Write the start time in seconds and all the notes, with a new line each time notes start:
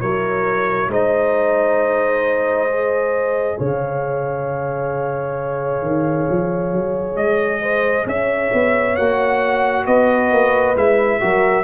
0.00 F#3 E4 A#4 C#5
0.88 G#3 D#4 C5 D#5
2.69 G#4
3.57 C#3 C#5 F5
5.82 D#3
6.29 F3
6.72 F#3
7.15 G#3 D#5
7.61 C5
8.06 C#4 C#5 E5
8.53 B3
8.96 A#3 F#4 F#5
9.85 B3 B4 D#5
10.31 A#3
10.75 G#3 E4 E5
11.20 F#3 F#4 A#4